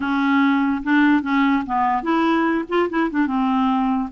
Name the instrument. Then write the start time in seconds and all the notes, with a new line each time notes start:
clarinet
0.00 C#4
0.83 D4
1.22 C#4
1.66 B3
2.02 E4
2.68 F4
2.89 E4
3.10 D4
3.27 C4